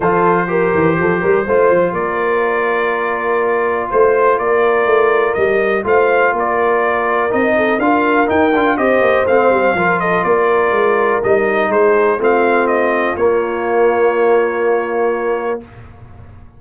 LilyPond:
<<
  \new Staff \with { instrumentName = "trumpet" } { \time 4/4 \tempo 4 = 123 c''1 | d''1 | c''4 d''2 dis''4 | f''4 d''2 dis''4 |
f''4 g''4 dis''4 f''4~ | f''8 dis''8 d''2 dis''4 | c''4 f''4 dis''4 cis''4~ | cis''1 | }
  \new Staff \with { instrumentName = "horn" } { \time 4/4 a'4 ais'4 a'8 ais'8 c''4 | ais'1 | c''4 ais'2. | c''4 ais'2~ ais'8 a'8 |
ais'2 c''2 | ais'8 a'8 ais'2. | gis'4 f'2.~ | f'1 | }
  \new Staff \with { instrumentName = "trombone" } { \time 4/4 f'4 g'2 f'4~ | f'1~ | f'2. g'4 | f'2. dis'4 |
f'4 dis'8 f'8 g'4 c'4 | f'2. dis'4~ | dis'4 c'2 ais4~ | ais1 | }
  \new Staff \with { instrumentName = "tuba" } { \time 4/4 f4. e8 f8 g8 a8 f8 | ais1 | a4 ais4 a4 g4 | a4 ais2 c'4 |
d'4 dis'8 d'8 c'8 ais8 a8 g8 | f4 ais4 gis4 g4 | gis4 a2 ais4~ | ais1 | }
>>